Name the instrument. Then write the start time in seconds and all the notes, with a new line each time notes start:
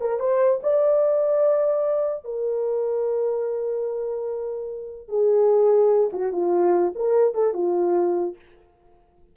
horn
0.00 A#4
0.19 C5
0.63 D5
2.24 A#4
5.08 G#4
6.12 F#4
6.32 F4
6.95 A#4
7.34 A4
7.53 F4